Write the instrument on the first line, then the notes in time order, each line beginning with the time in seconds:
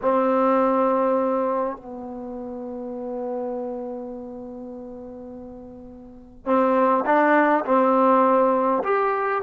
trombone
0.02 C4
1.76 B3
6.45 C4
7.05 D4
7.65 C4
8.83 G4